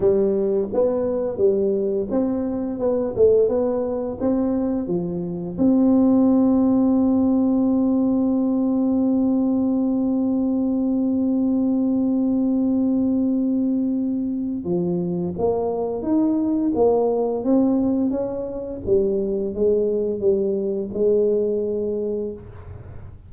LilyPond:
\new Staff \with { instrumentName = "tuba" } { \time 4/4 \tempo 4 = 86 g4 b4 g4 c'4 | b8 a8 b4 c'4 f4 | c'1~ | c'1~ |
c'1~ | c'4 f4 ais4 dis'4 | ais4 c'4 cis'4 g4 | gis4 g4 gis2 | }